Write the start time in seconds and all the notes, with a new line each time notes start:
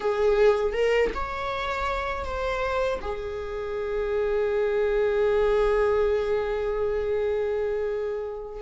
0.00 G#4
0.73 A#4
1.14 C#5
2.24 C5
3.01 G#4